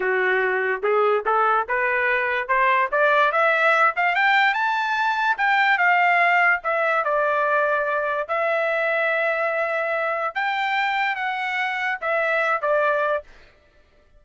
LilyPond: \new Staff \with { instrumentName = "trumpet" } { \time 4/4 \tempo 4 = 145 fis'2 gis'4 a'4 | b'2 c''4 d''4 | e''4. f''8 g''4 a''4~ | a''4 g''4 f''2 |
e''4 d''2. | e''1~ | e''4 g''2 fis''4~ | fis''4 e''4. d''4. | }